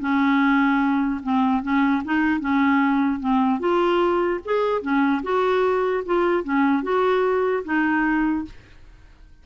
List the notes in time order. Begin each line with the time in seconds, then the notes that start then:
0.00 C#4
1.23 C4
1.62 C#4
2.04 D#4
2.40 C#4
3.20 C4
3.59 F4
4.45 G#4
4.81 C#4
5.23 F#4
6.05 F4
6.44 C#4
6.83 F#4
7.64 D#4